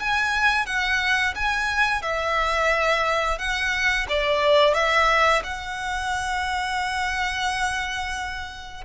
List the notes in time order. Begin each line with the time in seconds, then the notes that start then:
0.00 G#5
0.66 F#5
1.36 G#5
2.03 E5
3.39 F#5
4.09 D5
4.74 E5
5.44 F#5